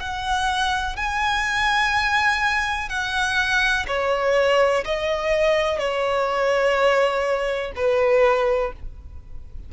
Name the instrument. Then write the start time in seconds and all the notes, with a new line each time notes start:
violin
0.00 F#5
0.97 G#5
2.89 F#5
3.88 C#5
4.85 D#5
5.79 C#5
7.76 B4